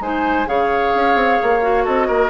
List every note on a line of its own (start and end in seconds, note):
0.00 0.46 G#3
0.00 0.46 D#4
0.00 0.48 C5
0.00 0.48 G#5
0.46 0.93 C#3
0.46 1.61 G#4
0.46 1.84 C#5
0.46 1.86 F5
0.95 1.15 C#4
1.15 1.38 C4
1.43 1.87 A#3
1.61 2.30 F#4
1.84 2.09 C4
1.84 2.07 A4
1.84 2.30 D#5
2.07 2.30 A#3
2.07 2.30 A#4